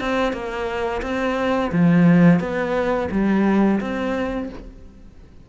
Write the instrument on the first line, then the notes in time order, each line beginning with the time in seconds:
cello
0.00 C4
0.33 A#3
1.02 C4
1.72 F3
2.40 B3
3.11 G3
3.80 C4